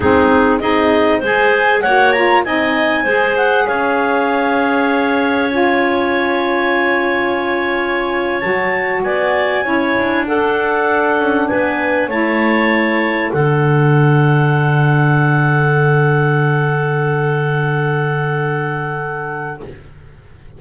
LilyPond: <<
  \new Staff \with { instrumentName = "clarinet" } { \time 4/4 \tempo 4 = 98 gis'4 dis''4 gis''4 fis''8 ais''8 | gis''4. fis''8 f''2~ | f''4 gis''2.~ | gis''4.~ gis''16 a''4 gis''4~ gis''16~ |
gis''8. fis''2 gis''4 a''16~ | a''4.~ a''16 fis''2~ fis''16~ | fis''1~ | fis''1 | }
  \new Staff \with { instrumentName = "clarinet" } { \time 4/4 dis'4 gis'4 c''4 cis''4 | dis''4 c''4 cis''2~ | cis''1~ | cis''2~ cis''8. d''4 cis''16~ |
cis''8. a'2 b'4 cis''16~ | cis''4.~ cis''16 a'2~ a'16~ | a'1~ | a'1 | }
  \new Staff \with { instrumentName = "saxophone" } { \time 4/4 c'4 dis'4 gis'4 fis'8 f'8 | dis'4 gis'2.~ | gis'4 f'2.~ | f'4.~ f'16 fis'2 e'16~ |
e'8. d'2. e'16~ | e'4.~ e'16 d'2~ d'16~ | d'1~ | d'1 | }
  \new Staff \with { instrumentName = "double bass" } { \time 4/4 gis4 c'4 gis4 ais4 | c'4 gis4 cis'2~ | cis'1~ | cis'4.~ cis'16 fis4 b4 cis'16~ |
cis'16 d'2 cis'8 b4 a16~ | a4.~ a16 d2~ d16~ | d1~ | d1 | }
>>